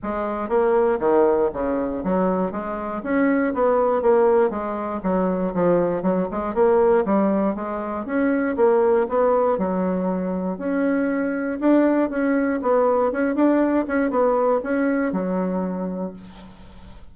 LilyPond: \new Staff \with { instrumentName = "bassoon" } { \time 4/4 \tempo 4 = 119 gis4 ais4 dis4 cis4 | fis4 gis4 cis'4 b4 | ais4 gis4 fis4 f4 | fis8 gis8 ais4 g4 gis4 |
cis'4 ais4 b4 fis4~ | fis4 cis'2 d'4 | cis'4 b4 cis'8 d'4 cis'8 | b4 cis'4 fis2 | }